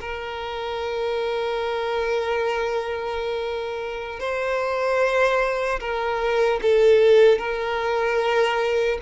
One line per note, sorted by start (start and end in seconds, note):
0.00 4.19 A#4
4.19 5.79 C5
5.80 6.60 A#4
6.62 7.38 A4
7.38 8.98 A#4